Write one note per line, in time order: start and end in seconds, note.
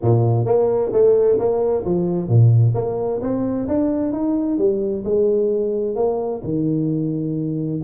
0.01 0.45 A#2
0.45 0.91 A#3
0.92 1.38 A3
1.38 1.84 A#3
1.84 2.28 F3
2.28 2.74 A#2
2.74 3.20 A#3
3.21 3.67 C4
3.68 4.12 D4
4.12 4.57 D#4
4.57 5.03 G3
5.04 5.95 G#3
5.95 6.41 A#3
6.43 7.80 D#3